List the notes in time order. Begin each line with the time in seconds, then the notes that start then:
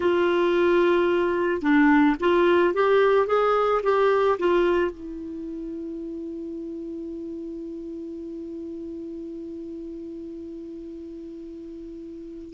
0.00 F4
1.61 D4
2.20 F4
2.74 G4
3.27 G#4
3.83 G4
4.39 F4
4.91 E4